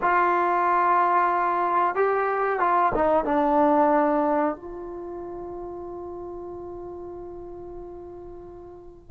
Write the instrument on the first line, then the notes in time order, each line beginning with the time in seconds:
trombone
0.01 F4
1.95 G4
2.59 F4
2.95 D#4
3.25 D4
4.55 F4